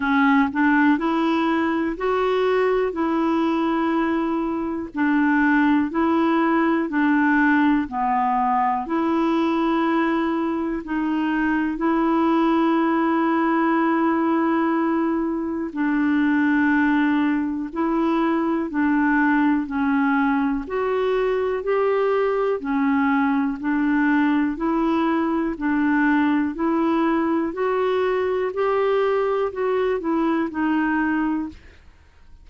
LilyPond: \new Staff \with { instrumentName = "clarinet" } { \time 4/4 \tempo 4 = 61 cis'8 d'8 e'4 fis'4 e'4~ | e'4 d'4 e'4 d'4 | b4 e'2 dis'4 | e'1 |
d'2 e'4 d'4 | cis'4 fis'4 g'4 cis'4 | d'4 e'4 d'4 e'4 | fis'4 g'4 fis'8 e'8 dis'4 | }